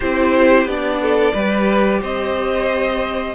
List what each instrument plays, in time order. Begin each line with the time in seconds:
0.00 cello C4, viola E4, violin G4 C5
0.65 cello B3, viola D4, violin D5
1.02 violin A4
1.33 cello G3, viola G4, violin B4
2.00 cello C4, violin C5 D#5